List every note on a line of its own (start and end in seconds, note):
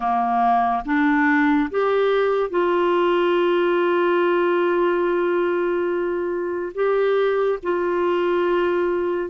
0.00 0.83 A#3
0.85 1.69 D4
1.70 2.50 G4
2.50 6.72 F4
6.74 7.58 G4
7.62 9.30 F4